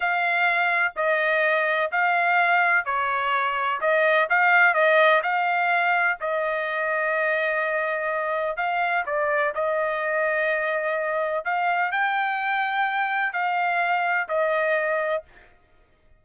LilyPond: \new Staff \with { instrumentName = "trumpet" } { \time 4/4 \tempo 4 = 126 f''2 dis''2 | f''2 cis''2 | dis''4 f''4 dis''4 f''4~ | f''4 dis''2.~ |
dis''2 f''4 d''4 | dis''1 | f''4 g''2. | f''2 dis''2 | }